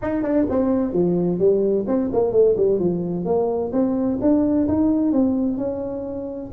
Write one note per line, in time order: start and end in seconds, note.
0.01 0.22 D#4
0.22 0.46 D4
0.49 0.92 C4
0.92 1.38 F3
1.38 1.85 G3
1.87 2.10 C4
2.12 2.32 A#3
2.32 2.55 A3
2.56 2.79 G3
2.79 3.25 F3
3.25 3.71 A#3
3.72 4.18 C4
4.21 4.67 D4
4.67 5.12 D#4
5.12 5.57 C4
5.57 6.50 C#4